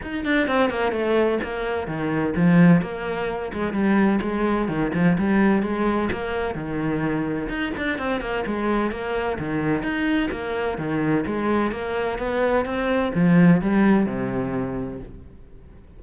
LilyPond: \new Staff \with { instrumentName = "cello" } { \time 4/4 \tempo 4 = 128 dis'8 d'8 c'8 ais8 a4 ais4 | dis4 f4 ais4. gis8 | g4 gis4 dis8 f8 g4 | gis4 ais4 dis2 |
dis'8 d'8 c'8 ais8 gis4 ais4 | dis4 dis'4 ais4 dis4 | gis4 ais4 b4 c'4 | f4 g4 c2 | }